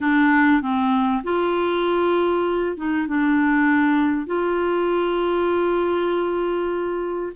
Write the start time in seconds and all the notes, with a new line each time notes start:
0.00 D4
0.61 C4
1.23 F4
2.77 D#4
3.08 D4
4.26 F4